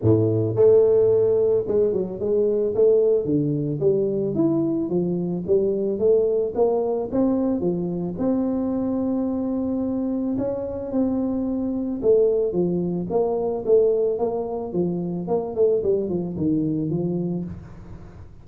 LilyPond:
\new Staff \with { instrumentName = "tuba" } { \time 4/4 \tempo 4 = 110 a,4 a2 gis8 fis8 | gis4 a4 d4 g4 | e'4 f4 g4 a4 | ais4 c'4 f4 c'4~ |
c'2. cis'4 | c'2 a4 f4 | ais4 a4 ais4 f4 | ais8 a8 g8 f8 dis4 f4 | }